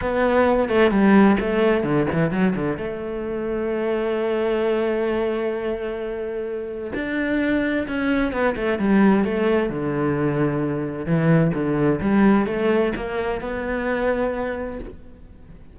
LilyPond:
\new Staff \with { instrumentName = "cello" } { \time 4/4 \tempo 4 = 130 b4. a8 g4 a4 | d8 e8 fis8 d8 a2~ | a1~ | a2. d'4~ |
d'4 cis'4 b8 a8 g4 | a4 d2. | e4 d4 g4 a4 | ais4 b2. | }